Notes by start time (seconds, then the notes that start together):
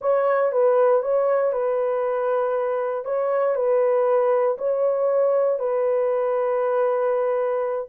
0.01 C#5
0.52 B4
1.02 C#5
1.52 B4
3.04 C#5
3.55 B4
4.57 C#5
5.59 B4